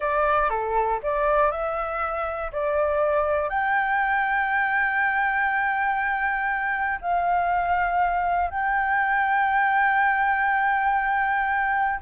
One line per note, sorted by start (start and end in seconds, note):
0.00 0.49 D5
0.49 0.99 A4
1.02 1.51 D5
1.51 2.51 E5
2.52 3.49 D5
3.49 6.99 G5
7.01 8.50 F5
8.50 12.00 G5